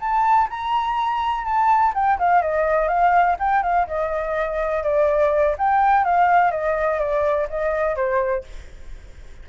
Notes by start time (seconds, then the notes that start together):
0.00 A5
0.50 A#5
1.45 A5
1.95 G5
2.19 F5
2.42 D#5
2.89 F5
3.40 G5
3.63 F5
3.88 D#5
4.84 D5
5.58 G5
6.05 F5
6.52 D#5
7.00 D5
7.50 D#5
7.96 C5